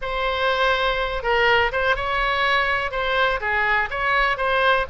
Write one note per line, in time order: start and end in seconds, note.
0.01 1.22 C5
1.22 1.71 A#4
1.71 1.96 C5
1.96 2.91 C#5
2.91 3.40 C5
3.40 3.89 G#4
3.90 4.37 C#5
4.37 4.86 C5